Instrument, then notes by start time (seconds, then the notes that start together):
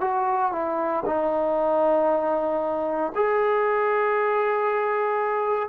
trombone
0.00 F#4
0.52 E4
1.05 D#4
3.15 G#4